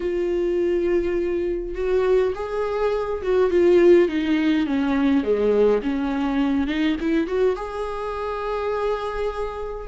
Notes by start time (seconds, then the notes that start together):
0.00 F4
1.74 F#4
2.34 G#4
3.22 F#4
3.50 F4
4.08 D#4
4.66 C#4
5.23 G#3
5.82 C#4
6.67 D#4
7.00 E4
7.27 F#4
7.56 G#4